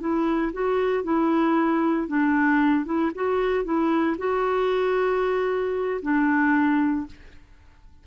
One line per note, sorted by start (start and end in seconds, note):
0.00 0.52 E4
0.53 1.04 F#4
1.04 2.08 E4
2.08 2.85 D4
2.85 3.11 E4
3.15 3.65 F#4
3.65 4.17 E4
4.18 6.01 F#4
6.02 7.06 D4